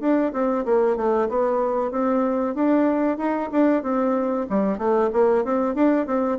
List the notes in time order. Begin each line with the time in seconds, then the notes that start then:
0.00 D4
0.32 C4
0.65 A#3
0.96 A3
1.29 B3
1.91 C4
2.54 D4
3.17 D#4
3.51 D4
3.82 C4
4.49 G3
4.78 A3
5.12 A#3
5.44 C4
5.74 D4
6.06 C4